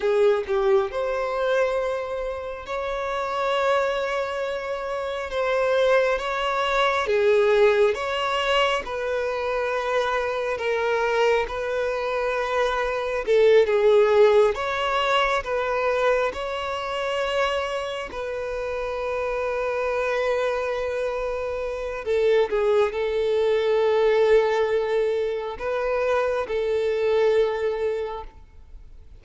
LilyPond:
\new Staff \with { instrumentName = "violin" } { \time 4/4 \tempo 4 = 68 gis'8 g'8 c''2 cis''4~ | cis''2 c''4 cis''4 | gis'4 cis''4 b'2 | ais'4 b'2 a'8 gis'8~ |
gis'8 cis''4 b'4 cis''4.~ | cis''8 b'2.~ b'8~ | b'4 a'8 gis'8 a'2~ | a'4 b'4 a'2 | }